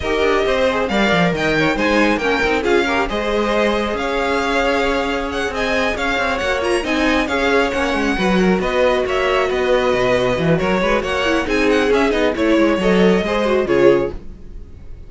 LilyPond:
<<
  \new Staff \with { instrumentName = "violin" } { \time 4/4 \tempo 4 = 136 dis''2 f''4 g''4 | gis''4 g''4 f''4 dis''4~ | dis''4 f''2. | fis''8 gis''4 f''4 fis''8 ais''8 gis''8~ |
gis''8 f''4 fis''2 dis''8~ | dis''8 e''4 dis''2~ dis''8 | cis''4 fis''4 gis''8 fis''8 e''8 dis''8 | cis''4 dis''2 cis''4 | }
  \new Staff \with { instrumentName = "violin" } { \time 4/4 ais'4 c''4 d''4 dis''8 cis''8 | c''4 ais'4 gis'8 ais'8 c''4~ | c''4 cis''2.~ | cis''8 dis''4 cis''2 dis''8~ |
dis''8 cis''2 b'8 ais'8 b'8~ | b'8 cis''4 b'2~ b'8 | ais'8 b'8 cis''4 gis'2 | cis''2 c''4 gis'4 | }
  \new Staff \with { instrumentName = "viola" } { \time 4/4 g'4. gis'8 ais'2 | dis'4 cis'8 dis'8 f'8 g'8 gis'4~ | gis'1~ | gis'2~ gis'8 fis'8 f'8 dis'8~ |
dis'8 gis'4 cis'4 fis'4.~ | fis'1~ | fis'4. e'8 dis'4 cis'8 dis'8 | e'4 a'4 gis'8 fis'8 f'4 | }
  \new Staff \with { instrumentName = "cello" } { \time 4/4 dis'8 d'8 c'4 g8 f8 dis4 | gis4 ais8 c'8 cis'4 gis4~ | gis4 cis'2.~ | cis'8 c'4 cis'8 c'8 ais4 c'8~ |
c'8 cis'4 ais8 gis8 fis4 b8~ | b8 ais4 b4 b,4 e8 | fis8 gis8 ais4 c'4 cis'8 b8 | a8 gis8 fis4 gis4 cis4 | }
>>